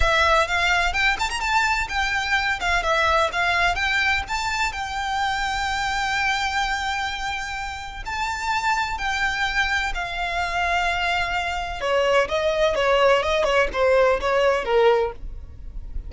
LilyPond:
\new Staff \with { instrumentName = "violin" } { \time 4/4 \tempo 4 = 127 e''4 f''4 g''8 a''16 ais''16 a''4 | g''4. f''8 e''4 f''4 | g''4 a''4 g''2~ | g''1~ |
g''4 a''2 g''4~ | g''4 f''2.~ | f''4 cis''4 dis''4 cis''4 | dis''8 cis''8 c''4 cis''4 ais'4 | }